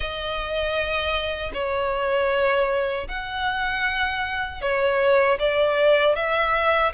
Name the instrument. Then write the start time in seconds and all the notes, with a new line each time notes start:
violin
0.00 D#5
1.53 C#5
3.08 F#5
4.61 C#5
5.39 D5
6.15 E5